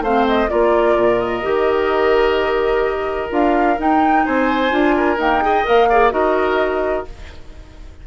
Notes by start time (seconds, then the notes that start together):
0.00 A3 C4 C5 F5
0.27 D#5
0.48 A#3 F4 A#4 D5
0.96 A#2
1.19 D#5
1.42 D#3 G4
3.29 D4 F4 F5
3.78 D#4 G5
4.25 C4 C5 G#5
4.70 D4 F4
4.96 A#4
5.17 A#3 D#4 G5
5.41 G#4 D#5
5.64 A#3 A#4 F5
5.89 G#4 D5
6.11 D#4 F#4 A#4 D#5